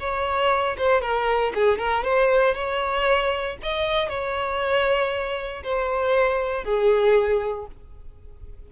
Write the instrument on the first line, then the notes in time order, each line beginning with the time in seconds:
violin
0.00 C#5
0.77 C5
1.01 A#4
1.55 G#4
1.79 A#4
2.04 C5
2.55 C#5
3.62 D#5
4.09 C#5
5.63 C5
6.64 G#4